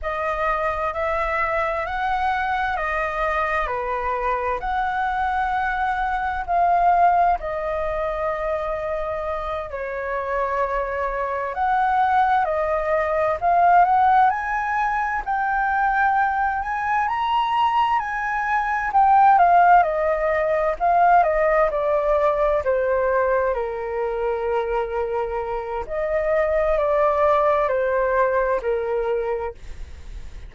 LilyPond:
\new Staff \with { instrumentName = "flute" } { \time 4/4 \tempo 4 = 65 dis''4 e''4 fis''4 dis''4 | b'4 fis''2 f''4 | dis''2~ dis''8 cis''4.~ | cis''8 fis''4 dis''4 f''8 fis''8 gis''8~ |
gis''8 g''4. gis''8 ais''4 gis''8~ | gis''8 g''8 f''8 dis''4 f''8 dis''8 d''8~ | d''8 c''4 ais'2~ ais'8 | dis''4 d''4 c''4 ais'4 | }